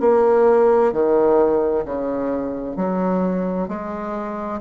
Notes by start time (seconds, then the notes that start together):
0.00 A#3
0.92 D#3
1.85 C#3
2.77 F#3
3.68 G#3